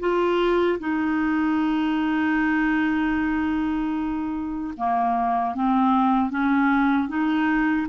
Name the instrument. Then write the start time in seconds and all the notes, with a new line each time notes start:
clarinet
0.00 F4
0.80 D#4
4.77 A#3
5.55 C4
6.31 C#4
7.08 D#4